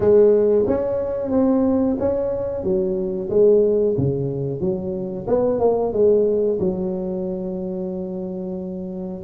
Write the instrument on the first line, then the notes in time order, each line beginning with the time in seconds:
tuba
0.00 G#3
0.67 C#4
1.30 C4
1.99 C#4
2.63 F#3
3.29 G#3
3.97 C#3
4.60 F#3
5.27 B3
5.59 A#3
5.92 G#3
6.59 F#3